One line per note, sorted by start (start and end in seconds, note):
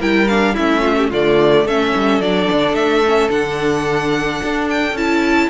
0.00 0.56 G3
0.00 0.28 E4
0.00 0.54 A#4
0.00 0.28 G5
0.28 0.57 D4
0.28 0.55 F5
0.54 1.12 A3
0.54 1.12 C#4
0.54 0.81 E4
0.54 1.10 E5
0.81 0.95 F4
0.97 1.10 G4
1.10 1.65 D3
1.10 1.68 A3
1.10 1.65 F4
1.10 1.68 D5
1.65 1.93 A3
1.65 2.23 C#4
1.65 5.50 A4
1.65 2.21 E5
1.96 2.20 G3
2.20 2.48 F#3
2.20 3.05 D4
2.20 2.75 D5
2.52 2.73 D3
2.73 3.28 A3
2.73 3.30 E5
3.06 3.30 C#4
3.30 4.41 D3
3.30 4.95 D4
3.30 4.69 F#5
4.43 4.93 D4
4.70 4.97 G5
4.93 5.48 C#4
4.93 5.50 E4
4.93 5.50 A5